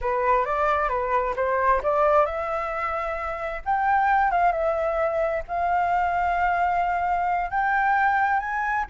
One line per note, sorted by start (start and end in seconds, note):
0.01 0.45 B4
0.45 0.88 D5
0.88 1.34 B4
1.36 1.81 C5
1.82 2.25 D5
2.25 3.61 E5
3.65 4.31 G5
4.31 4.51 F5
4.51 5.42 E5
5.48 7.50 F5
7.50 8.39 G5
8.39 8.85 G#5